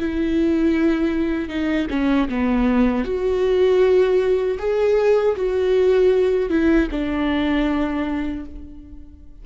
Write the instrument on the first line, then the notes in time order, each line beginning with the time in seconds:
viola
0.00 E4
1.49 D#4
1.90 C#4
2.29 B3
3.05 F#4
4.59 G#4
5.36 F#4
6.50 E4
6.92 D4